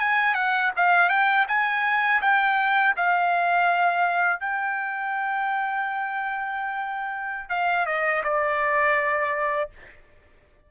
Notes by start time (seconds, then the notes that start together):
0.00 G#5
0.35 F#5
0.77 F5
1.10 G5
1.48 G#5
2.22 G5
2.97 F5
4.40 G5
7.50 F5
7.86 D#5
8.24 D5